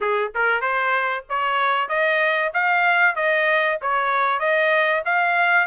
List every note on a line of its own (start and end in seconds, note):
0.00 0.32 G#4
0.34 0.61 A#4
0.61 1.24 C5
1.29 1.88 C#5
1.88 2.51 D#5
2.53 3.15 F5
3.15 3.78 D#5
3.81 4.39 C#5
4.39 5.02 D#5
5.05 5.67 F5